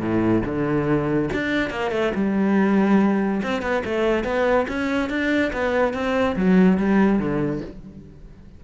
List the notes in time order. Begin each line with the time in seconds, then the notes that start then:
0.00 A2
0.45 D3
1.33 D4
1.70 A#3
1.91 A3
2.15 G3
3.42 C4
3.62 B3
3.85 A3
4.24 B3
4.68 C#4
5.09 D4
5.53 B3
5.93 C4
6.36 F#3
6.77 G3
7.19 D3